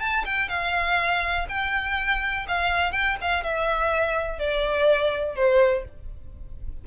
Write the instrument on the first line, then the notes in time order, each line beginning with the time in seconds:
violin
0.00 A5
0.25 G5
0.49 F5
1.49 G5
2.48 F5
2.92 G5
3.21 F5
3.43 E5
4.39 D5
5.36 C5